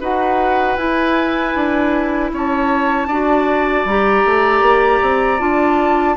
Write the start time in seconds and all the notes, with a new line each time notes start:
0.00 D#4 F#4 B4 F#5
0.76 E4 G#5
1.54 D4
2.32 C#4 C#5 A5
3.07 D4 F#4 D5
3.85 G3 G4 A#5
4.25 A3
4.61 A#3
5.02 C4
5.38 D4 F4 A5